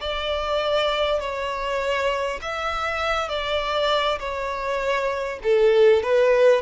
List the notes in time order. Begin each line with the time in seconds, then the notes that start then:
0.00 D5
1.19 C#5
2.41 E5
3.28 D5
4.19 C#5
5.43 A4
6.02 B4